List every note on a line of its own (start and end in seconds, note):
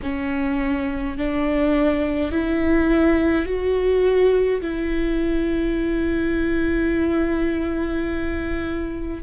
0.02 1.17 C#4
1.17 2.31 D4
2.31 3.45 E4
3.45 4.60 F#4
4.61 9.23 E4